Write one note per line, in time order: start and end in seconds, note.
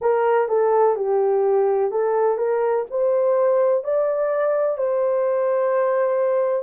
0.01 0.48 A#4
0.48 0.95 A4
0.95 1.90 G4
1.91 2.37 A4
2.37 2.85 A#4
2.90 3.84 C5
3.84 4.77 D5
4.77 6.63 C5